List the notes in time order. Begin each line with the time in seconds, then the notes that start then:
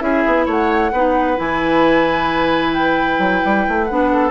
0.00 C#4 E4 G#4 E5
0.27 B3
0.46 A3 C#5 F#5
0.93 B3 D#4 B4
1.37 E3 E4 G#5
2.74 G5
3.19 F#3
3.45 G3
3.68 A3
3.85 B3 D4 F#5
4.13 A4